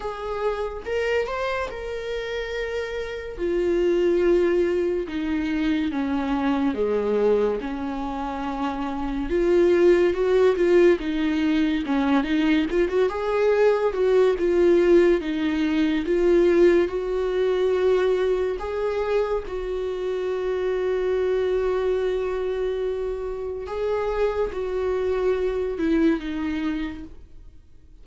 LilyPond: \new Staff \with { instrumentName = "viola" } { \time 4/4 \tempo 4 = 71 gis'4 ais'8 c''8 ais'2 | f'2 dis'4 cis'4 | gis4 cis'2 f'4 | fis'8 f'8 dis'4 cis'8 dis'8 f'16 fis'16 gis'8~ |
gis'8 fis'8 f'4 dis'4 f'4 | fis'2 gis'4 fis'4~ | fis'1 | gis'4 fis'4. e'8 dis'4 | }